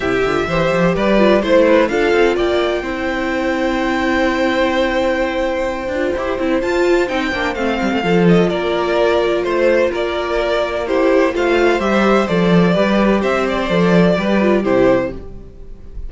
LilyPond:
<<
  \new Staff \with { instrumentName = "violin" } { \time 4/4 \tempo 4 = 127 e''2 d''4 c''4 | f''4 g''2.~ | g''1~ | g''2 a''4 g''4 |
f''4. dis''8 d''2 | c''4 d''2 c''4 | f''4 e''4 d''2 | e''8 d''2~ d''8 c''4 | }
  \new Staff \with { instrumentName = "violin" } { \time 4/4 g'4 c''4 b'4 c''8 b'8 | a'4 d''4 c''2~ | c''1~ | c''1~ |
c''4 a'4 ais'2 | c''4 ais'2 g'4 | c''2. b'4 | c''2 b'4 g'4 | }
  \new Staff \with { instrumentName = "viola" } { \time 4/4 e'8 f'8 g'4. f'8 e'4 | f'2 e'2~ | e'1~ | e'8 f'8 g'8 e'8 f'4 dis'8 d'8 |
c'4 f'2.~ | f'2. e'4 | f'4 g'4 a'4 g'4~ | g'4 a'4 g'8 f'8 e'4 | }
  \new Staff \with { instrumentName = "cello" } { \time 4/4 c8 d8 e8 f8 g4 a4 | d'8 c'8 ais4 c'2~ | c'1~ | c'8 d'8 e'8 c'8 f'4 c'8 ais8 |
a8 g16 a16 f4 ais2 | a4 ais2. | a4 g4 f4 g4 | c'4 f4 g4 c4 | }
>>